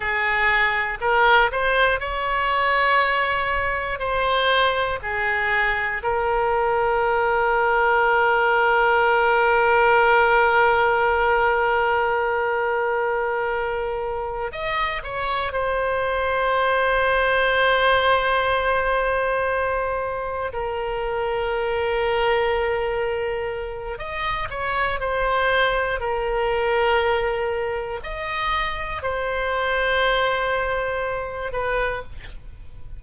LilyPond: \new Staff \with { instrumentName = "oboe" } { \time 4/4 \tempo 4 = 60 gis'4 ais'8 c''8 cis''2 | c''4 gis'4 ais'2~ | ais'1~ | ais'2~ ais'8 dis''8 cis''8 c''8~ |
c''1~ | c''8 ais'2.~ ais'8 | dis''8 cis''8 c''4 ais'2 | dis''4 c''2~ c''8 b'8 | }